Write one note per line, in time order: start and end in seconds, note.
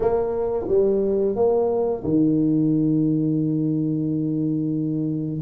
0.00 0.66 A#3
0.68 1.35 G3
1.35 2.03 A#3
2.04 5.41 D#3